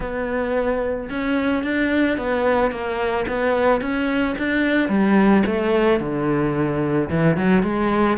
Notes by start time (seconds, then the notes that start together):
0.00 B3
1.09 C#4
1.63 D4
2.17 B3
2.71 A#3
3.28 B3
3.81 C#4
4.38 D4
4.88 G3
5.46 A3
6.00 D3
7.09 E3
7.36 F#3
7.62 G#3